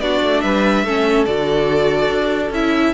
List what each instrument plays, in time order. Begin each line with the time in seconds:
0.00 cello B3, viola D4, violin F#4 D5
0.22 cello A3
0.40 cello G3, violin B4 E5
0.84 cello A3, viola C#4, violin A4
1.25 cello D3, viola F#4, violin D5
2.09 cello D4
2.50 cello C#4, viola E4, violin E5